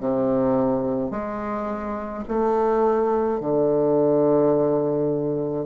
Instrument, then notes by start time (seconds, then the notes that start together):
bassoon
0.00 C3
1.11 G#3
2.28 A3
3.40 D3